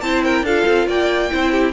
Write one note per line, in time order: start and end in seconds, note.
0.00 0.42 C4
0.00 0.46 E4
0.00 0.24 C5
0.00 0.21 A5
0.24 0.45 A#4
0.24 0.45 G5
0.42 0.63 D4
0.42 1.30 F4
0.42 0.87 A4
0.42 0.88 F5
0.65 0.87 C4
0.87 1.29 A#3
0.87 1.30 D5
0.87 1.73 G5
1.30 1.73 C4
1.30 1.73 E4
1.30 1.51 C5
1.51 1.72 G4